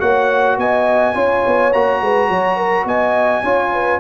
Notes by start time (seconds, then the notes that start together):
0.00 A#3 F#4 C#5 F#5
0.58 B3 D#5 G#5
1.15 C#4 F4 C#5
1.47 B3
1.73 A#3 F#4 A#5
2.01 G#3 B4
2.29 F#3 C#5
2.57 A#4
2.85 B3 D#5 G#5
3.44 C#4 F4 C#5
3.73 B4